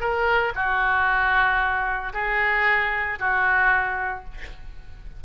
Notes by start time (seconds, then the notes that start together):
0.00 A#4
0.55 F#4
2.13 G#4
3.19 F#4